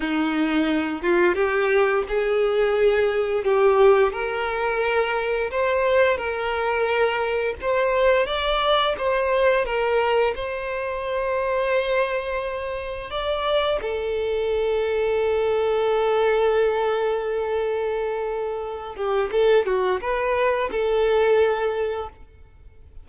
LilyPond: \new Staff \with { instrumentName = "violin" } { \time 4/4 \tempo 4 = 87 dis'4. f'8 g'4 gis'4~ | gis'4 g'4 ais'2 | c''4 ais'2 c''4 | d''4 c''4 ais'4 c''4~ |
c''2. d''4 | a'1~ | a'2.~ a'8 g'8 | a'8 fis'8 b'4 a'2 | }